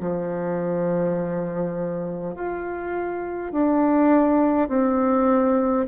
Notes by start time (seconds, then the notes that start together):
0.00 F3
2.35 F4
3.52 D4
4.69 C4